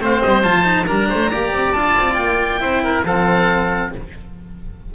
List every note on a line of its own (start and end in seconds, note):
0.00 0.22 A3
0.00 0.43 C4
0.00 0.86 C5
0.00 0.21 F5
0.21 0.44 G3
0.21 0.43 D#5
0.43 0.87 F3
0.43 0.64 F4
0.43 0.86 A5
0.64 0.86 D#4
0.86 1.10 G3
0.86 1.30 D4
0.86 1.08 A#4
0.86 1.72 A#5
1.09 1.32 A3
1.09 1.31 C5
1.31 1.52 A#3
1.31 1.75 G4
1.31 2.61 D5
1.52 1.73 C4
1.72 1.95 D4
1.72 2.60 F4
1.72 2.14 A5
1.98 2.18 C4
2.14 2.61 A#3
2.14 3.01 G5
2.60 3.04 C4
2.60 3.04 E4
2.60 2.82 C5
2.84 3.05 A#4
3.04 3.91 F3
3.04 3.94 C4
3.04 3.92 A4
3.04 3.93 F5